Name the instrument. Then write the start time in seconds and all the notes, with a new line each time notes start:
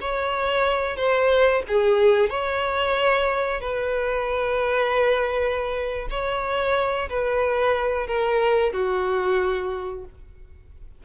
violin
0.00 C#5
0.96 C5
1.68 G#4
2.30 C#5
3.60 B4
6.10 C#5
7.09 B4
8.07 A#4
8.72 F#4